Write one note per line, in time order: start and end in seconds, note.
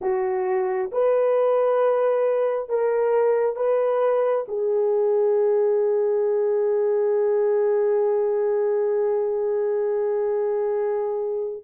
0.01 0.90 F#4
0.92 2.69 B4
2.69 3.56 A#4
3.56 4.45 B4
4.48 11.63 G#4